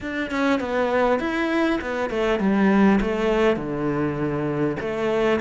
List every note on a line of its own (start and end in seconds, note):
0.00 0.30 D4
0.30 0.60 C#4
0.60 1.19 B3
1.19 1.79 E4
1.81 2.10 B3
2.10 2.39 A3
2.39 2.99 G3
3.01 3.56 A3
3.56 4.76 D3
4.80 5.40 A3